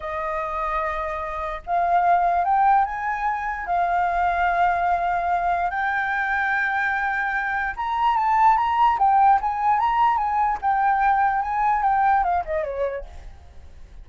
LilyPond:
\new Staff \with { instrumentName = "flute" } { \time 4/4 \tempo 4 = 147 dis''1 | f''2 g''4 gis''4~ | gis''4 f''2.~ | f''2 g''2~ |
g''2. ais''4 | a''4 ais''4 g''4 gis''4 | ais''4 gis''4 g''2 | gis''4 g''4 f''8 dis''8 cis''4 | }